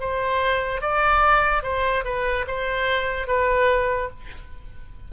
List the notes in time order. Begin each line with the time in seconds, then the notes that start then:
0.00 C5
0.81 D5
1.63 C5
2.05 B4
2.47 C5
3.27 B4